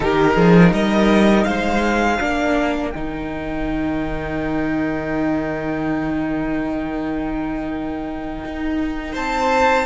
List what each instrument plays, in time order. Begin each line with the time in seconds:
0.00 cello D#3, viola D#4, violin G4 A#4
0.34 cello F3, violin G#4
0.72 cello G3, violin A#4 D#5
1.44 cello G#3, violin C5 F5
2.19 cello A#3, viola D4, violin A#4
2.90 cello D#3, viola D#4, violin G5
8.45 cello D#4
9.11 cello C4, violin C5 A5